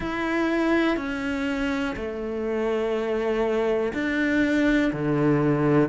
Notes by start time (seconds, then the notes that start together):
0.00 E4
0.96 C#4
1.95 A3
3.93 D4
4.92 D3